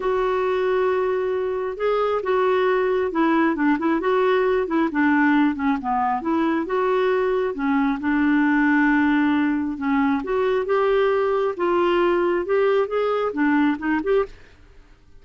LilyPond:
\new Staff \with { instrumentName = "clarinet" } { \time 4/4 \tempo 4 = 135 fis'1 | gis'4 fis'2 e'4 | d'8 e'8 fis'4. e'8 d'4~ | d'8 cis'8 b4 e'4 fis'4~ |
fis'4 cis'4 d'2~ | d'2 cis'4 fis'4 | g'2 f'2 | g'4 gis'4 d'4 dis'8 g'8 | }